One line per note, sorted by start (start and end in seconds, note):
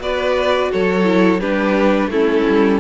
0.00 0.70 B3
0.00 1.04 F#4
0.00 0.72 B4
0.00 0.72 D5
0.72 1.41 F#3
0.72 1.40 A4
0.72 1.40 C#5
1.04 1.39 E4
1.40 2.07 G3
1.40 2.11 D4
1.40 2.10 G4
1.40 2.10 B4
2.07 2.42 A3
2.07 2.80 C#4
2.07 2.80 E4
2.07 2.80 A4
2.48 2.80 G3